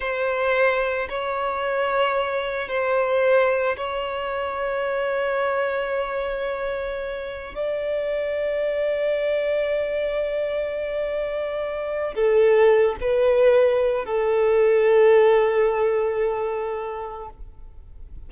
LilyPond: \new Staff \with { instrumentName = "violin" } { \time 4/4 \tempo 4 = 111 c''2 cis''2~ | cis''4 c''2 cis''4~ | cis''1~ | cis''2 d''2~ |
d''1~ | d''2~ d''8 a'4. | b'2 a'2~ | a'1 | }